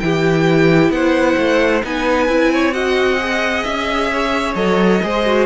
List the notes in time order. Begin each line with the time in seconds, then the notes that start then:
0.00 E3 E4 G4 G5
0.90 B3 C5 F#5
1.37 A3
1.82 B3 D#4 B4 G#5
2.28 C4 E4
2.53 C#5
2.73 F#4 D#5 F#5
3.20 G#4
3.64 C#4 E5
4.12 C#5
4.55 F#3 A4 D#5
5.03 G#3 G#4 C5
5.26 F#4